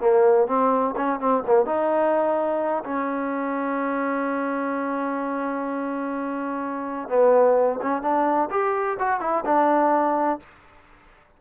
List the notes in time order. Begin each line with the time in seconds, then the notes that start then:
0.00 A#3
0.47 C4
0.96 C#4
1.19 C4
1.46 A#3
1.65 D#4
2.84 C#4
7.08 B3
7.81 C#4
8.01 D4
8.50 G4
8.99 F#4
9.20 E4
9.45 D4